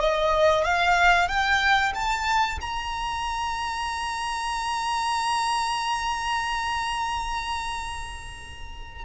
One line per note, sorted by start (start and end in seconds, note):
0.00 0.64 D#5
0.64 1.28 F5
1.28 1.93 G5
1.94 2.59 A5
2.61 9.05 A#5